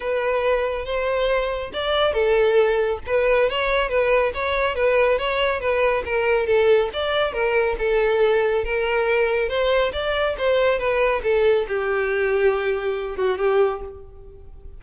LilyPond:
\new Staff \with { instrumentName = "violin" } { \time 4/4 \tempo 4 = 139 b'2 c''2 | d''4 a'2 b'4 | cis''4 b'4 cis''4 b'4 | cis''4 b'4 ais'4 a'4 |
d''4 ais'4 a'2 | ais'2 c''4 d''4 | c''4 b'4 a'4 g'4~ | g'2~ g'8 fis'8 g'4 | }